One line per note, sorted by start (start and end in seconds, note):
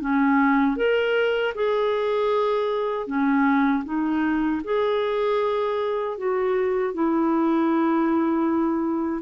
0.00 0.76 C#4
0.76 1.53 A#4
1.54 3.06 G#4
3.06 3.83 C#4
3.84 4.61 D#4
4.64 6.17 G#4
6.17 6.94 F#4
6.94 9.22 E4